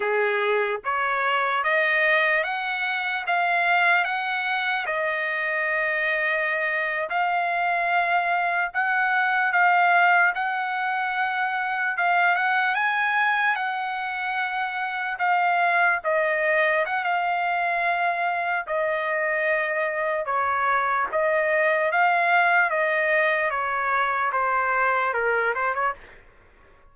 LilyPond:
\new Staff \with { instrumentName = "trumpet" } { \time 4/4 \tempo 4 = 74 gis'4 cis''4 dis''4 fis''4 | f''4 fis''4 dis''2~ | dis''8. f''2 fis''4 f''16~ | f''8. fis''2 f''8 fis''8 gis''16~ |
gis''8. fis''2 f''4 dis''16~ | dis''8. fis''16 f''2 dis''4~ | dis''4 cis''4 dis''4 f''4 | dis''4 cis''4 c''4 ais'8 c''16 cis''16 | }